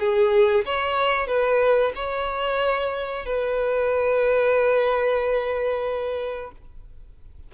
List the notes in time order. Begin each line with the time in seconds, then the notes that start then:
0.00 G#4
0.65 C#5
1.27 B4
1.95 C#5
3.26 B4